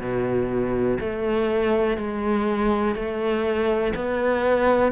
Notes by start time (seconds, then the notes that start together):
0.00 B2
1.00 A3
1.98 G#3
2.95 A3
3.95 B3